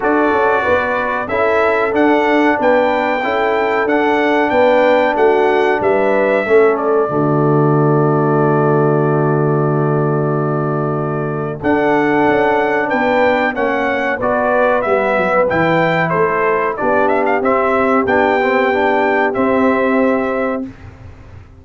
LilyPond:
<<
  \new Staff \with { instrumentName = "trumpet" } { \time 4/4 \tempo 4 = 93 d''2 e''4 fis''4 | g''2 fis''4 g''4 | fis''4 e''4. d''4.~ | d''1~ |
d''2 fis''2 | g''4 fis''4 d''4 e''4 | g''4 c''4 d''8 e''16 f''16 e''4 | g''2 e''2 | }
  \new Staff \with { instrumentName = "horn" } { \time 4/4 a'4 b'4 a'2 | b'4 a'2 b'4 | fis'4 b'4 a'4 fis'4~ | fis'1~ |
fis'2 a'2 | b'4 cis''4 b'2~ | b'4 a'4 g'2~ | g'1 | }
  \new Staff \with { instrumentName = "trombone" } { \time 4/4 fis'2 e'4 d'4~ | d'4 e'4 d'2~ | d'2 cis'4 a4~ | a1~ |
a2 d'2~ | d'4 cis'4 fis'4 b4 | e'2 d'4 c'4 | d'8 c'8 d'4 c'2 | }
  \new Staff \with { instrumentName = "tuba" } { \time 4/4 d'8 cis'8 b4 cis'4 d'4 | b4 cis'4 d'4 b4 | a4 g4 a4 d4~ | d1~ |
d2 d'4 cis'4 | b4 ais4 b4 g8 fis8 | e4 a4 b4 c'4 | b2 c'2 | }
>>